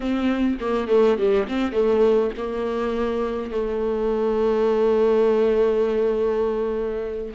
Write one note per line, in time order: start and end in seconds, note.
0.00 0.58 C4
0.60 0.88 A#3
0.88 1.17 A3
1.18 1.47 G3
1.47 1.72 C4
1.72 2.31 A3
2.37 3.51 A#3
3.51 7.33 A3